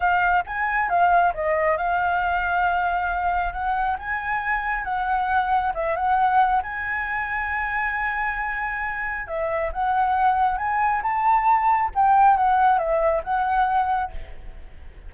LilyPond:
\new Staff \with { instrumentName = "flute" } { \time 4/4 \tempo 4 = 136 f''4 gis''4 f''4 dis''4 | f''1 | fis''4 gis''2 fis''4~ | fis''4 e''8 fis''4. gis''4~ |
gis''1~ | gis''4 e''4 fis''2 | gis''4 a''2 g''4 | fis''4 e''4 fis''2 | }